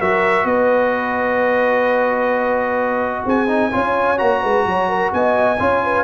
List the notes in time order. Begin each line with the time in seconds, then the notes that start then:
0.00 F#3 F#4 A#4 E5
0.45 B3 B4 D#5
3.24 C4 G#4 G#5
3.48 D#4
3.72 C#4 F4 C#5
4.17 A#3 F#4 A#5
4.41 G#3 B4
4.66 F#3 C#5
4.89 A#4
5.13 B3 D#5 G#5
5.59 C#4 F4 C#5
5.84 B4